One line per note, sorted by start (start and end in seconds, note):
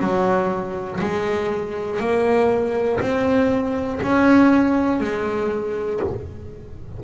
0.00 1.00 F#3
1.01 2.00 G#3
2.00 3.00 A#3
3.01 4.01 C4
4.03 5.00 C#4
5.00 6.00 G#3